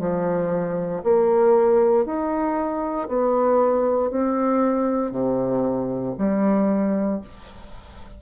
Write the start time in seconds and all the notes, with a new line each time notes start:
0.00 F3
1.04 A#3
2.06 D#4
3.08 B3
4.11 C4
5.12 C3
6.18 G3